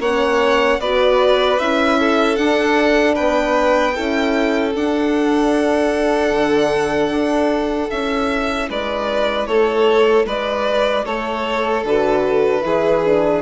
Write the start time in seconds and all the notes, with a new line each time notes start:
0.00 A#3 C#4 C#5 F#5
0.80 B3 F#4 B4 D5
1.59 C#4 E4 E5
1.99 A4
2.36 D4 F#5
3.15 B3 B4 G5
3.94 C#4 E4 A4
4.75 D4 F#5
6.31 D3
7.10 D4
7.90 C#4 E4 E5
8.70 G#3 B4 D5
9.47 A3 A4 C#5
10.26 G#3 B4 D5
11.05 A3 A4 C#5
11.84 D3 F#4 B4
12.62 E3 E4 G#4
13.05 D4